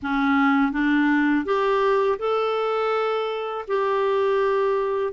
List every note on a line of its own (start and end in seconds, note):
0.02 0.72 C#4
0.72 1.45 D4
1.45 2.18 G4
2.19 3.65 A4
3.67 5.13 G4